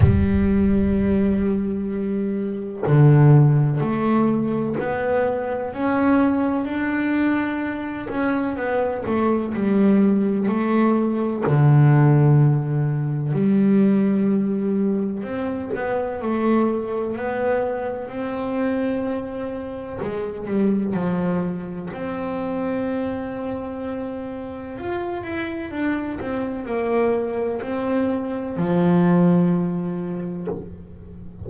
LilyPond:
\new Staff \with { instrumentName = "double bass" } { \time 4/4 \tempo 4 = 63 g2. d4 | a4 b4 cis'4 d'4~ | d'8 cis'8 b8 a8 g4 a4 | d2 g2 |
c'8 b8 a4 b4 c'4~ | c'4 gis8 g8 f4 c'4~ | c'2 f'8 e'8 d'8 c'8 | ais4 c'4 f2 | }